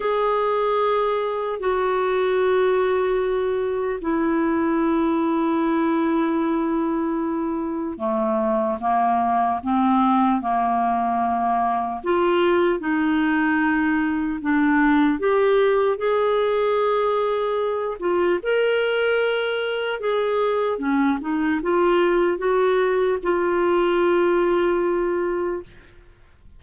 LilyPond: \new Staff \with { instrumentName = "clarinet" } { \time 4/4 \tempo 4 = 75 gis'2 fis'2~ | fis'4 e'2.~ | e'2 a4 ais4 | c'4 ais2 f'4 |
dis'2 d'4 g'4 | gis'2~ gis'8 f'8 ais'4~ | ais'4 gis'4 cis'8 dis'8 f'4 | fis'4 f'2. | }